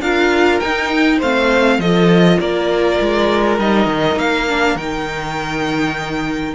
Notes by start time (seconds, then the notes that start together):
0.00 D4 F4 A#4 F5
0.59 D#4 G5
1.18 A3 C4 C5 F5
1.79 F3 A4 D#5
1.85 F4
2.40 A#3 A#4 D5
3.00 G#3
3.59 G3 D#4 D#5
3.86 D#3
4.16 A#3 F5
4.48 D4
4.76 D#3 D#4 G5